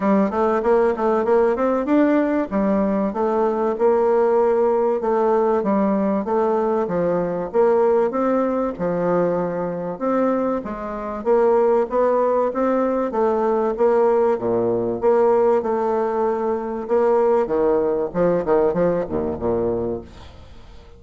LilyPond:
\new Staff \with { instrumentName = "bassoon" } { \time 4/4 \tempo 4 = 96 g8 a8 ais8 a8 ais8 c'8 d'4 | g4 a4 ais2 | a4 g4 a4 f4 | ais4 c'4 f2 |
c'4 gis4 ais4 b4 | c'4 a4 ais4 ais,4 | ais4 a2 ais4 | dis4 f8 dis8 f8 dis,8 ais,4 | }